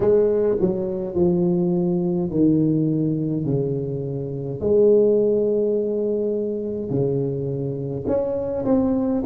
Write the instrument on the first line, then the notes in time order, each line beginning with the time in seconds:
tuba
0.00 G#3
0.60 F#3
1.14 F3
2.30 D#3
3.45 C#3
4.60 G#3
6.89 C#3
8.07 C#4
8.65 C4